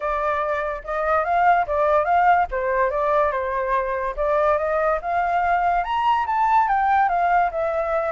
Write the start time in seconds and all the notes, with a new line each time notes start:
0.00 D5
0.84 D#5
1.24 F5
1.66 D5
2.05 F5
2.51 C5
2.90 D5
3.31 C5
4.16 D5
4.58 D#5
5.01 F5
5.84 A#5
6.26 A5
6.68 G5
7.08 F5
7.51 E5